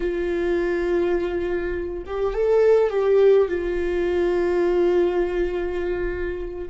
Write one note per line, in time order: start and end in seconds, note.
0.00 2.03 F4
2.06 2.34 G4
2.34 2.90 A4
2.90 3.48 G4
3.48 6.68 F4